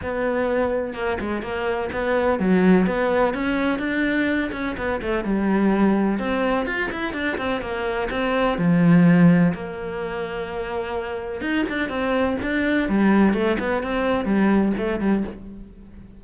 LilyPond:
\new Staff \with { instrumentName = "cello" } { \time 4/4 \tempo 4 = 126 b2 ais8 gis8 ais4 | b4 fis4 b4 cis'4 | d'4. cis'8 b8 a8 g4~ | g4 c'4 f'8 e'8 d'8 c'8 |
ais4 c'4 f2 | ais1 | dis'8 d'8 c'4 d'4 g4 | a8 b8 c'4 g4 a8 g8 | }